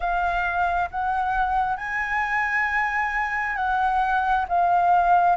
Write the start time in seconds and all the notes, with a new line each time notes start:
0.00 F5
0.90 F#5
1.77 G#5
3.56 F#5
4.48 F5